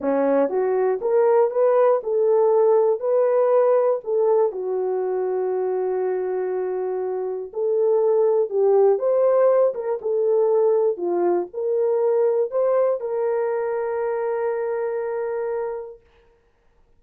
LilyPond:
\new Staff \with { instrumentName = "horn" } { \time 4/4 \tempo 4 = 120 cis'4 fis'4 ais'4 b'4 | a'2 b'2 | a'4 fis'2.~ | fis'2. a'4~ |
a'4 g'4 c''4. ais'8 | a'2 f'4 ais'4~ | ais'4 c''4 ais'2~ | ais'1 | }